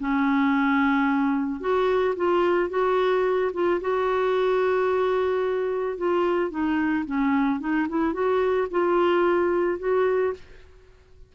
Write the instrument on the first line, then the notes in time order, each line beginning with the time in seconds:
clarinet
0.00 C#4
1.61 F#4
2.17 F4
2.70 F#4
3.54 F4
3.81 F#4
5.98 F4
6.51 D#4
7.06 C#4
7.60 D#4
7.89 E4
8.14 F#4
8.71 F4
9.80 F#4